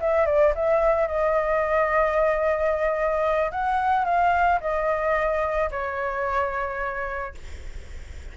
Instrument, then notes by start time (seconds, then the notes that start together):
flute
0.00 E5
0.26 D5
0.55 E5
1.07 D#5
3.51 F#5
4.05 F5
4.60 D#5
5.71 C#5